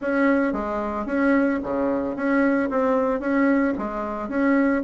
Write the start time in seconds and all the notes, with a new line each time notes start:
0.01 C#4
0.52 G#3
1.06 C#4
1.63 C#3
2.16 C#4
2.70 C4
3.20 C#4
3.77 G#3
4.29 C#4